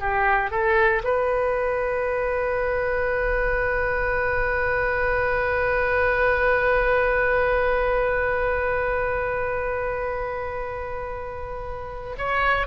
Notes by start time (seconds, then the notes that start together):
0.00 G4
0.51 A4
1.04 B4
12.18 C#5